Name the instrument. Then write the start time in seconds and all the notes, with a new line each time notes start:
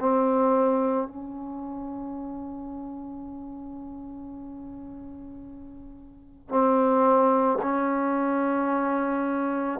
trombone
0.00 C4
1.08 C#4
6.49 C4
7.62 C#4